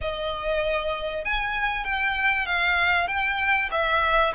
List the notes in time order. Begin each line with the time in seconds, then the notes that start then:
0.01 D#5
1.24 G#5
1.84 G5
2.46 F5
3.07 G5
3.71 E5